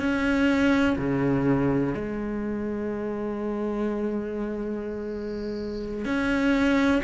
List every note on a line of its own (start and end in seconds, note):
0.00 0.97 C#4
0.98 1.95 C#3
1.95 6.05 G#3
6.05 7.02 C#4